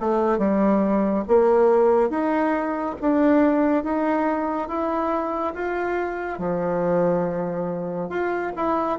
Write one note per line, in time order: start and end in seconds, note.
0.00 0.38 A3
0.38 1.24 G3
1.28 2.10 A#3
2.10 2.96 D#4
3.01 3.84 D4
3.84 4.68 D#4
4.68 5.54 E4
5.54 6.39 F4
6.39 8.10 F3
8.10 8.52 F4
8.56 8.99 E4